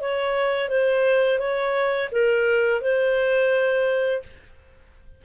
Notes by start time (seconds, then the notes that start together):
0.00 C#5
0.68 C5
1.38 C#5
2.11 A#4
2.81 C5